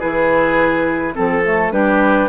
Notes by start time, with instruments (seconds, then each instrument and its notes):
0.00 bassoon E3, clarinet E4, oboe G#4, flute B4
1.14 bassoon F3, clarinet C4, oboe A4, flute A4
1.45 clarinet A3
1.72 bassoon G3, clarinet D4, oboe G4, flute B4